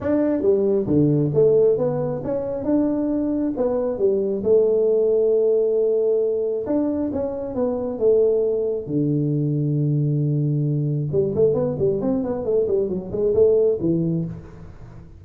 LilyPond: \new Staff \with { instrumentName = "tuba" } { \time 4/4 \tempo 4 = 135 d'4 g4 d4 a4 | b4 cis'4 d'2 | b4 g4 a2~ | a2. d'4 |
cis'4 b4 a2 | d1~ | d4 g8 a8 b8 g8 c'8 b8 | a8 g8 fis8 gis8 a4 e4 | }